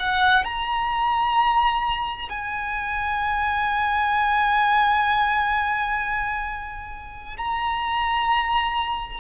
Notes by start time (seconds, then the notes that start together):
0.00 F#5
0.44 A#5
2.30 G#5
7.38 A#5